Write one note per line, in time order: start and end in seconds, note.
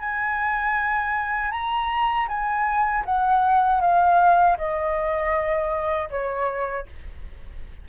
0.00 1.52 G#5
1.52 2.28 A#5
2.29 3.04 G#5
3.06 3.81 F#5
3.81 4.57 F5
4.58 6.10 D#5
6.10 6.86 C#5